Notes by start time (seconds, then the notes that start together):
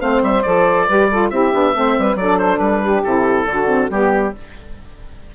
0.00 A3 C4 C5 F5
0.22 G3 E5
0.42 F3 A4 D5
0.86 G3 G4 B4
1.10 F4 A4
1.30 C4 E4 G4 E5
1.52 B3 D4
1.74 A3 C4 C5
1.98 G3 B4
2.15 F#3 D4 A4 D5
2.38 C5
2.58 G3 B4
2.81 G4
3.04 C3 E4 A4
3.45 D3 D4 F#4
3.68 C4
3.90 G3 B3 G4